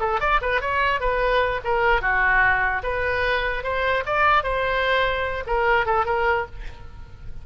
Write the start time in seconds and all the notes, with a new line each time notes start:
0.00 A4
0.20 D5
0.42 B4
0.61 C#5
1.00 B4
1.64 A#4
2.02 F#4
2.83 B4
3.64 C5
4.06 D5
4.43 C5
5.46 A#4
5.86 A4
6.05 A#4